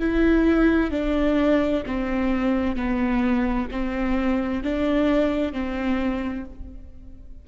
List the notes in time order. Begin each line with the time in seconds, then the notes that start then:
0.00 E4
0.91 D4
1.86 C4
2.77 B3
3.71 C4
4.64 D4
5.53 C4